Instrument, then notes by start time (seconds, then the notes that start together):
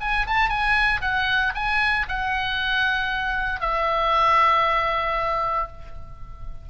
oboe
0.00 G#5
0.27 A5
0.49 G#5
1.01 F#5
1.55 G#5
2.08 F#5
3.60 E5